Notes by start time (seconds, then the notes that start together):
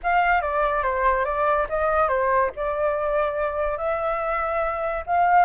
0.03 F5
0.41 D5
0.82 C5
1.24 D5
1.69 D#5
2.08 C5
2.55 D5
3.77 E5
5.06 F5